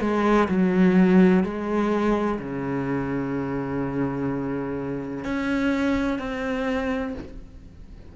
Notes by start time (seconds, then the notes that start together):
0.00 G#3
0.48 F#3
1.43 G#3
2.39 C#3
5.24 C#4
6.18 C4